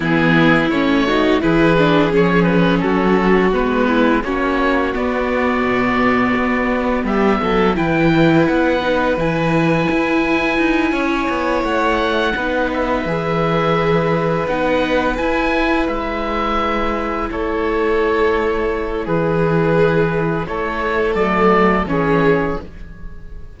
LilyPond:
<<
  \new Staff \with { instrumentName = "oboe" } { \time 4/4 \tempo 4 = 85 gis'4 cis''4 b'4 cis''8 b'8 | a'4 b'4 cis''4 d''4~ | d''2 e''4 g''4 | fis''4 gis''2.~ |
gis''8 fis''4. e''2~ | e''8 fis''4 gis''4 e''4.~ | e''8 cis''2~ cis''8 b'4~ | b'4 cis''4 d''4 cis''4 | }
  \new Staff \with { instrumentName = "violin" } { \time 4/4 e'4. fis'8 gis'2 | fis'4. e'8 fis'2~ | fis'2 g'8 a'8 b'4~ | b'2.~ b'8 cis''8~ |
cis''4. b'2~ b'8~ | b'1~ | b'8 a'2~ a'8 gis'4~ | gis'4 a'2 gis'4 | }
  \new Staff \with { instrumentName = "viola" } { \time 4/4 b4 cis'8 dis'8 e'8 d'8 cis'4~ | cis'4 b4 cis'4 b4~ | b2. e'4~ | e'8 dis'8 e'2.~ |
e'4. dis'4 gis'4.~ | gis'8 dis'4 e'2~ e'8~ | e'1~ | e'2 a4 cis'4 | }
  \new Staff \with { instrumentName = "cello" } { \time 4/4 e4 a4 e4 f4 | fis4 gis4 ais4 b4 | b,4 b4 g8 fis8 e4 | b4 e4 e'4 dis'8 cis'8 |
b8 a4 b4 e4.~ | e8 b4 e'4 gis4.~ | gis8 a2~ a8 e4~ | e4 a4 fis4 e4 | }
>>